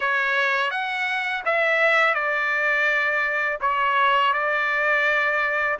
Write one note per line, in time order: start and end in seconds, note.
0.00 0.70 C#5
0.70 1.43 F#5
1.45 2.14 E5
2.14 3.58 D5
3.60 4.33 C#5
4.33 5.77 D5